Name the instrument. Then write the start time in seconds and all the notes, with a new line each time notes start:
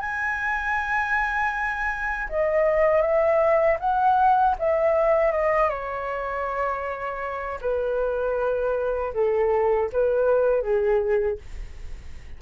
flute
0.00 G#5
2.29 D#5
3.02 E5
3.80 F#5
4.59 E5
5.32 D#5
5.70 C#5
7.62 B4
9.14 A4
9.93 B4
10.62 G#4